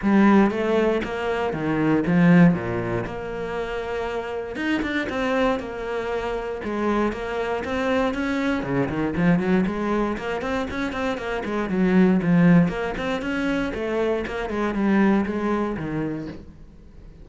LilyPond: \new Staff \with { instrumentName = "cello" } { \time 4/4 \tempo 4 = 118 g4 a4 ais4 dis4 | f4 ais,4 ais2~ | ais4 dis'8 d'8 c'4 ais4~ | ais4 gis4 ais4 c'4 |
cis'4 cis8 dis8 f8 fis8 gis4 | ais8 c'8 cis'8 c'8 ais8 gis8 fis4 | f4 ais8 c'8 cis'4 a4 | ais8 gis8 g4 gis4 dis4 | }